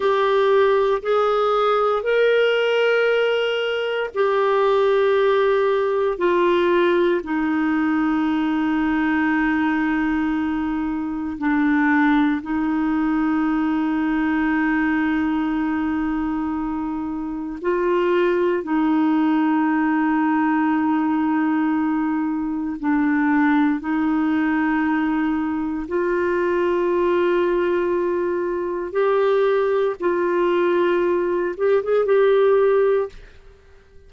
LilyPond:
\new Staff \with { instrumentName = "clarinet" } { \time 4/4 \tempo 4 = 58 g'4 gis'4 ais'2 | g'2 f'4 dis'4~ | dis'2. d'4 | dis'1~ |
dis'4 f'4 dis'2~ | dis'2 d'4 dis'4~ | dis'4 f'2. | g'4 f'4. g'16 gis'16 g'4 | }